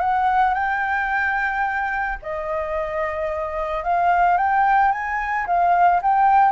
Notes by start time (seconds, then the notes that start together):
0.00 F#5
0.55 G5
2.23 D#5
3.84 F5
4.38 G5
4.92 G#5
5.47 F5
6.02 G5